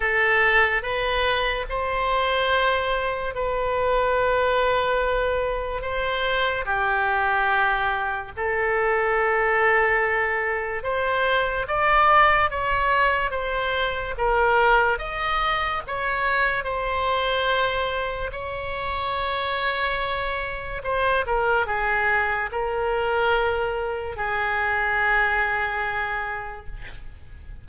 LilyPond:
\new Staff \with { instrumentName = "oboe" } { \time 4/4 \tempo 4 = 72 a'4 b'4 c''2 | b'2. c''4 | g'2 a'2~ | a'4 c''4 d''4 cis''4 |
c''4 ais'4 dis''4 cis''4 | c''2 cis''2~ | cis''4 c''8 ais'8 gis'4 ais'4~ | ais'4 gis'2. | }